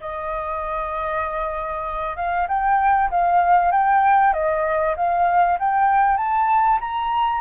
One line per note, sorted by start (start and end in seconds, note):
0.00 2.16 D#5
2.16 2.47 F5
2.48 3.10 G5
3.10 3.71 F5
3.71 4.33 G5
4.33 4.95 D#5
4.96 5.58 F5
5.59 6.17 G5
6.17 6.79 A5
6.80 7.41 A#5